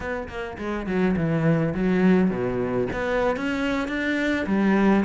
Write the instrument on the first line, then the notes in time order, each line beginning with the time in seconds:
cello
0.00 B3
0.28 A#3
0.58 G#3
0.86 F#3
1.16 E3
1.74 F#3
2.30 B2
2.93 B3
3.36 C#4
3.88 D4
4.46 G3